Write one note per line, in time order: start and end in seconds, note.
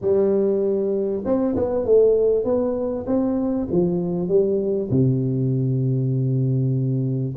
0.01 1.23 G3
1.25 1.55 C4
1.56 1.85 B3
1.85 2.44 A3
2.44 3.05 B3
3.06 3.67 C4
3.71 4.28 F3
4.28 4.89 G3
4.90 7.35 C3